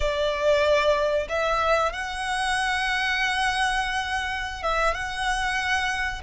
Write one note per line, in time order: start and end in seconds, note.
0.00 1.28 D5
1.28 1.92 E5
1.92 4.62 F#5
4.62 4.94 E5
4.94 6.21 F#5